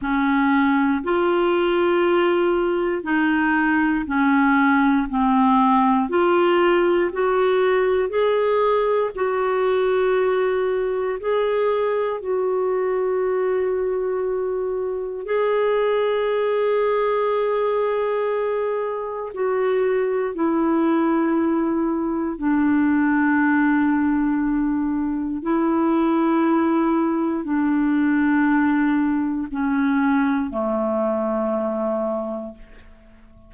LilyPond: \new Staff \with { instrumentName = "clarinet" } { \time 4/4 \tempo 4 = 59 cis'4 f'2 dis'4 | cis'4 c'4 f'4 fis'4 | gis'4 fis'2 gis'4 | fis'2. gis'4~ |
gis'2. fis'4 | e'2 d'2~ | d'4 e'2 d'4~ | d'4 cis'4 a2 | }